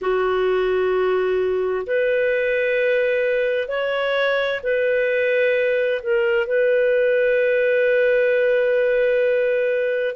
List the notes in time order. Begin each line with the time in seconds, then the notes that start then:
0.01 F#4
1.86 B4
3.68 C#5
4.63 B4
6.02 A#4
6.47 B4